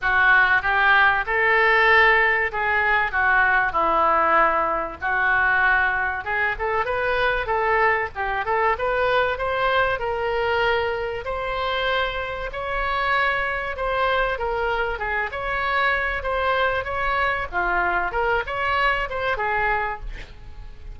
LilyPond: \new Staff \with { instrumentName = "oboe" } { \time 4/4 \tempo 4 = 96 fis'4 g'4 a'2 | gis'4 fis'4 e'2 | fis'2 gis'8 a'8 b'4 | a'4 g'8 a'8 b'4 c''4 |
ais'2 c''2 | cis''2 c''4 ais'4 | gis'8 cis''4. c''4 cis''4 | f'4 ais'8 cis''4 c''8 gis'4 | }